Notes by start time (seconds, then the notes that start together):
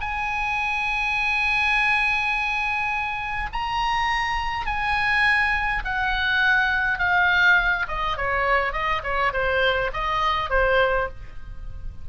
0.00 G#5
3.52 A#5
4.66 G#5
5.84 F#5
6.98 F5
7.87 D#5
8.16 C#5
8.72 D#5
9.03 C#5
9.32 C5
9.93 D#5
10.49 C5